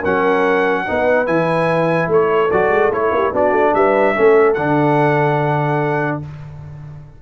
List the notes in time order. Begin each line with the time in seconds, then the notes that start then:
0.00 F#3 C#4 A#4 F#5
0.86 B3 D#4 B4
1.26 E3 E4 G#5
2.08 A3 A4 C#5
2.51 F#3 F#4 D5
2.69 G#3
2.90 A3 E4 C#5
3.11 A#3 G4
3.32 B3 D4 F#4 D5
3.52 A3
3.74 G3 B4 E5
4.15 A3 C#4 A4
4.54 D3 D4 F#5